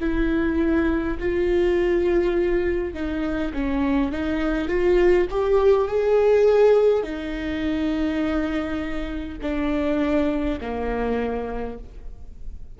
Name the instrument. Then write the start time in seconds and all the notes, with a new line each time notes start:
viola
0.00 E4
1.19 F4
2.94 D#4
3.53 C#4
4.11 D#4
4.68 F4
5.30 G4
5.88 G#4
7.03 D#4
9.42 D4
10.60 A#3